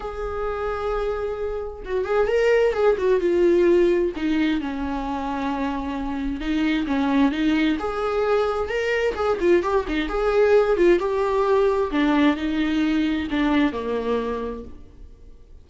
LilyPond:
\new Staff \with { instrumentName = "viola" } { \time 4/4 \tempo 4 = 131 gis'1 | fis'8 gis'8 ais'4 gis'8 fis'8 f'4~ | f'4 dis'4 cis'2~ | cis'2 dis'4 cis'4 |
dis'4 gis'2 ais'4 | gis'8 f'8 g'8 dis'8 gis'4. f'8 | g'2 d'4 dis'4~ | dis'4 d'4 ais2 | }